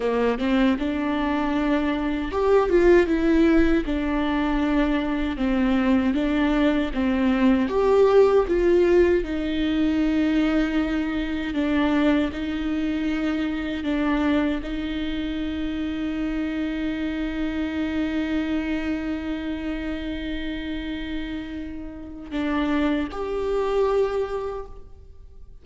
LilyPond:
\new Staff \with { instrumentName = "viola" } { \time 4/4 \tempo 4 = 78 ais8 c'8 d'2 g'8 f'8 | e'4 d'2 c'4 | d'4 c'4 g'4 f'4 | dis'2. d'4 |
dis'2 d'4 dis'4~ | dis'1~ | dis'1~ | dis'4 d'4 g'2 | }